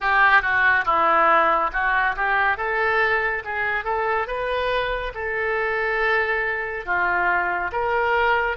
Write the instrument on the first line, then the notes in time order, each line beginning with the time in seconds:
oboe
0.00 G4
0.41 F#4
0.85 E4
1.73 F#4
2.15 G4
2.57 A4
3.44 G#4
3.84 A4
4.27 B4
5.14 A4
6.85 F4
7.71 A#4